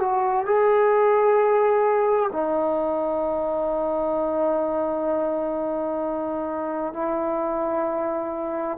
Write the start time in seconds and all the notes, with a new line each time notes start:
0.00 F#4
0.46 G#4
2.33 D#4
6.94 E4